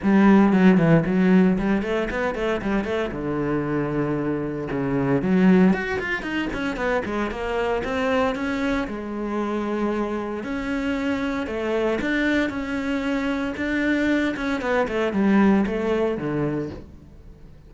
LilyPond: \new Staff \with { instrumentName = "cello" } { \time 4/4 \tempo 4 = 115 g4 fis8 e8 fis4 g8 a8 | b8 a8 g8 a8 d2~ | d4 cis4 fis4 fis'8 f'8 | dis'8 cis'8 b8 gis8 ais4 c'4 |
cis'4 gis2. | cis'2 a4 d'4 | cis'2 d'4. cis'8 | b8 a8 g4 a4 d4 | }